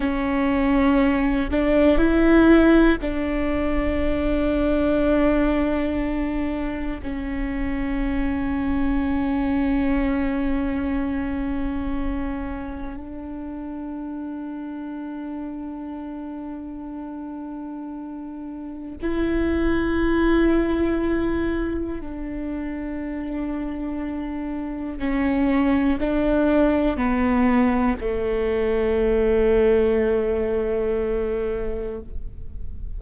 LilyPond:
\new Staff \with { instrumentName = "viola" } { \time 4/4 \tempo 4 = 60 cis'4. d'8 e'4 d'4~ | d'2. cis'4~ | cis'1~ | cis'4 d'2.~ |
d'2. e'4~ | e'2 d'2~ | d'4 cis'4 d'4 b4 | a1 | }